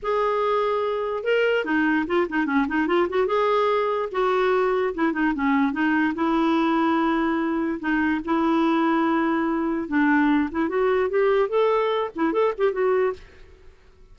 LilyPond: \new Staff \with { instrumentName = "clarinet" } { \time 4/4 \tempo 4 = 146 gis'2. ais'4 | dis'4 f'8 dis'8 cis'8 dis'8 f'8 fis'8 | gis'2 fis'2 | e'8 dis'8 cis'4 dis'4 e'4~ |
e'2. dis'4 | e'1 | d'4. e'8 fis'4 g'4 | a'4. e'8 a'8 g'8 fis'4 | }